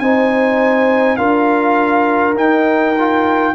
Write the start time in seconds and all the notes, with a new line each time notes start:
0.00 C4 D#4 C5 G#5
1.17 D4 F4 A#4 F5
2.35 D#4 G5
2.99 F4